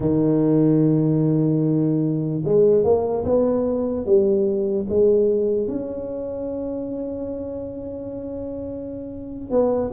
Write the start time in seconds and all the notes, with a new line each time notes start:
0.00 D#3
2.45 G#3
2.83 A#3
3.24 B3
4.05 G3
4.89 G#3
5.68 C#4
9.50 B3